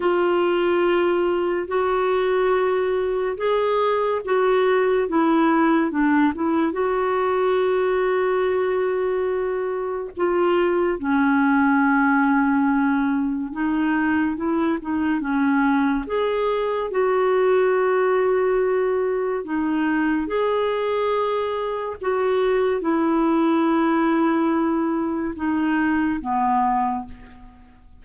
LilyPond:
\new Staff \with { instrumentName = "clarinet" } { \time 4/4 \tempo 4 = 71 f'2 fis'2 | gis'4 fis'4 e'4 d'8 e'8 | fis'1 | f'4 cis'2. |
dis'4 e'8 dis'8 cis'4 gis'4 | fis'2. dis'4 | gis'2 fis'4 e'4~ | e'2 dis'4 b4 | }